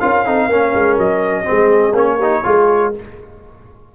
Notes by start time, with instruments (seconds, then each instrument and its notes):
0.00 tuba C#4, trombone F4, horn A#4, trumpet F5
0.26 tuba C4, trombone D#4, horn A4
0.47 tuba A#3, trombone C#4, horn A#4
0.75 tuba G#3
0.98 tuba F#3, trumpet D#5
1.44 trombone C4, horn G#4
1.51 tuba G#3
1.93 tuba A#3, trombone C#4, trumpet C#5
2.18 trombone D#4, horn G4
2.44 tuba G#3, trombone F4, horn G#4